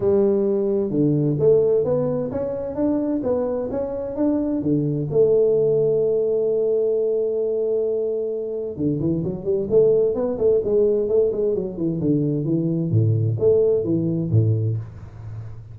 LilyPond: \new Staff \with { instrumentName = "tuba" } { \time 4/4 \tempo 4 = 130 g2 d4 a4 | b4 cis'4 d'4 b4 | cis'4 d'4 d4 a4~ | a1~ |
a2. d8 e8 | fis8 g8 a4 b8 a8 gis4 | a8 gis8 fis8 e8 d4 e4 | a,4 a4 e4 a,4 | }